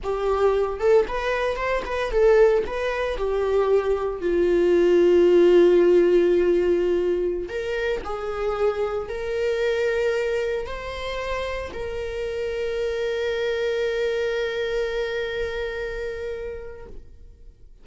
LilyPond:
\new Staff \with { instrumentName = "viola" } { \time 4/4 \tempo 4 = 114 g'4. a'8 b'4 c''8 b'8 | a'4 b'4 g'2 | f'1~ | f'2~ f'16 ais'4 gis'8.~ |
gis'4~ gis'16 ais'2~ ais'8.~ | ais'16 c''2 ais'4.~ ais'16~ | ais'1~ | ais'1 | }